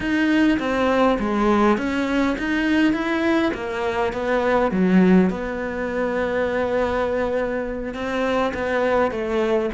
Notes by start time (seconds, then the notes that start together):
0.00 D#4
0.59 C4
1.19 G#3
1.77 C#4
2.38 D#4
2.93 E4
3.53 A#3
4.13 B3
4.71 F#3
5.30 B3
7.94 C4
8.54 B3
9.11 A3